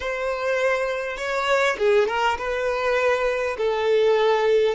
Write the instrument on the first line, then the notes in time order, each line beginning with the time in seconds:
violin
0.00 C5
1.17 C#5
1.78 G#4
2.07 A#4
2.38 B4
3.57 A4